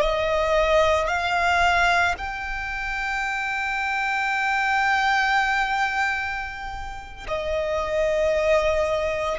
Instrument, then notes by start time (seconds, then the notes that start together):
violin
0.00 D#5
1.07 F5
2.18 G5
7.28 D#5